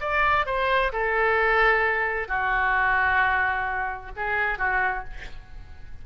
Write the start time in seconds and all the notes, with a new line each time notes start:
0.00 D5
0.46 C5
0.92 A4
2.28 F#4
4.16 G#4
4.58 F#4